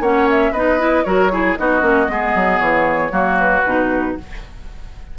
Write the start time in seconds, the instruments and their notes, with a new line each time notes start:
0.00 bassoon A#3, clarinet C#4, oboe C#5, flute F#5
0.30 flute E5
0.52 bassoon B3, clarinet D#4, oboe B4, flute D#5
0.79 clarinet E4
1.04 bassoon F#3, clarinet F#4, oboe A#4, flute C#5
1.31 clarinet E4, oboe G#4
1.57 bassoon B3, clarinet D#4, oboe F#4, flute D#5
1.81 bassoon A#3, clarinet C#4
2.07 bassoon G#3, clarinet B3, oboe G#4
2.35 bassoon F#3
2.59 bassoon E3, flute C#5
3.11 bassoon F#3, clarinet A#3, oboe F#4
3.40 flute B4
3.65 bassoon B2, clarinet D#4